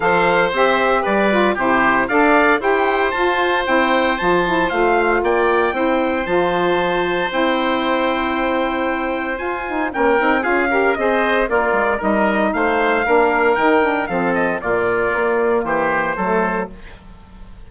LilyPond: <<
  \new Staff \with { instrumentName = "trumpet" } { \time 4/4 \tempo 4 = 115 f''4 e''4 d''4 c''4 | f''4 g''4 a''4 g''4 | a''4 f''4 g''2 | a''2 g''2~ |
g''2 gis''4 g''4 | f''4 dis''4 d''4 dis''4 | f''2 g''4 f''8 dis''8 | d''2 c''2 | }
  \new Staff \with { instrumentName = "oboe" } { \time 4/4 c''2 b'4 g'4 | d''4 c''2.~ | c''2 d''4 c''4~ | c''1~ |
c''2. ais'4 | gis'8 ais'8 c''4 f'4 ais'4 | c''4 ais'2 a'4 | f'2 g'4 a'4 | }
  \new Staff \with { instrumentName = "saxophone" } { \time 4/4 a'4 g'4. f'8 e'4 | a'4 g'4 f'4 e'4 | f'8 e'8 f'2 e'4 | f'2 e'2~ |
e'2 f'8 dis'8 cis'8 dis'8 | f'8 g'8 gis'4 ais'4 dis'4~ | dis'4 d'4 dis'8 d'8 c'4 | ais2. a4 | }
  \new Staff \with { instrumentName = "bassoon" } { \time 4/4 f4 c'4 g4 c4 | d'4 e'4 f'4 c'4 | f4 a4 ais4 c'4 | f2 c'2~ |
c'2 f'4 ais8 c'8 | cis'4 c'4 ais8 gis8 g4 | a4 ais4 dis4 f4 | ais,4 ais4 e4 fis4 | }
>>